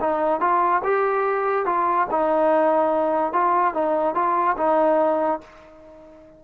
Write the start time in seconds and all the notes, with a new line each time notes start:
0.00 D#4
0.40 F4
0.83 G4
1.65 F4
2.10 D#4
3.32 F4
3.73 D#4
4.14 F4
4.57 D#4